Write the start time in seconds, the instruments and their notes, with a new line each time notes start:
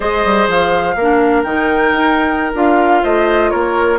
0.00 bassoon G#3, clarinet G#4, oboe C5, flute D#5
0.24 bassoon G3
0.47 bassoon F3, flute F5
0.95 bassoon A#3, clarinet D4, oboe A#4
1.43 bassoon D#3, clarinet D#4, flute G5
1.92 bassoon D#4
2.54 bassoon D4, clarinet F4, flute F5
3.02 bassoon A3, oboe C5, flute D#5
3.50 bassoon A#3, oboe A#4, flute C#5